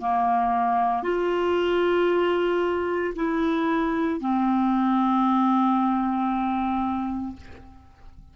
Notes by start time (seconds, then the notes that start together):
0.00 A#3
1.03 F4
3.15 E4
4.20 C4